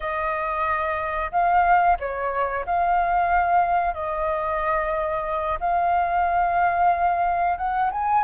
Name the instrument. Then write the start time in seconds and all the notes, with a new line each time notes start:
flute
0.00 D#5
1.31 F5
1.99 C#5
2.65 F5
3.94 D#5
5.60 F5
7.57 F#5
7.91 G#5